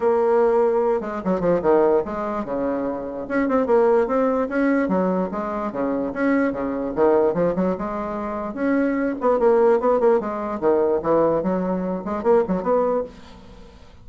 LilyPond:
\new Staff \with { instrumentName = "bassoon" } { \time 4/4 \tempo 4 = 147 ais2~ ais8 gis8 fis8 f8 | dis4 gis4 cis2 | cis'8 c'8 ais4 c'4 cis'4 | fis4 gis4 cis4 cis'4 |
cis4 dis4 f8 fis8 gis4~ | gis4 cis'4. b8 ais4 | b8 ais8 gis4 dis4 e4 | fis4. gis8 ais8 fis8 b4 | }